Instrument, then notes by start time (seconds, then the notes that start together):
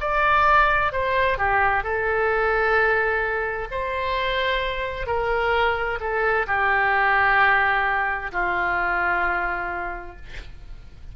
oboe
0.00 D5
0.92 C5
1.38 G4
1.84 A4
3.71 C5
5.07 A#4
6.00 A4
6.47 G4
8.32 F4